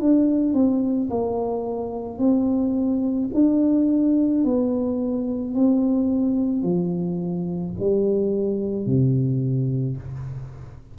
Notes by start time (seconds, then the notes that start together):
0.00 D4
0.54 C4
1.10 A#3
2.19 C4
3.34 D4
4.44 B3
5.55 C4
6.63 F3
7.79 G3
8.86 C3